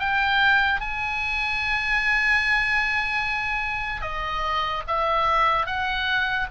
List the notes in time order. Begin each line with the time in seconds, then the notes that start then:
0.00 G5
0.81 G#5
4.02 D#5
4.88 E5
5.66 F#5